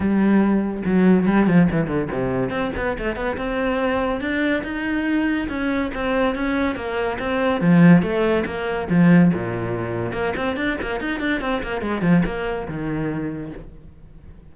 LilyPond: \new Staff \with { instrumentName = "cello" } { \time 4/4 \tempo 4 = 142 g2 fis4 g8 f8 | e8 d8 c4 c'8 b8 a8 b8 | c'2 d'4 dis'4~ | dis'4 cis'4 c'4 cis'4 |
ais4 c'4 f4 a4 | ais4 f4 ais,2 | ais8 c'8 d'8 ais8 dis'8 d'8 c'8 ais8 | gis8 f8 ais4 dis2 | }